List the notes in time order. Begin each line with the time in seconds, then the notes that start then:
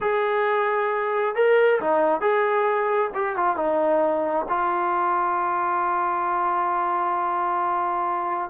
0.00 G#4
1.35 A#4
1.80 D#4
2.20 G#4
3.14 G4
3.36 F4
3.56 D#4
4.49 F4